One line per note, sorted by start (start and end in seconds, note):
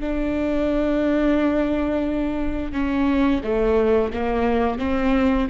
0.00 2.72 D4
2.72 3.41 C#4
3.43 4.12 A3
4.13 4.78 A#3
4.78 5.47 C4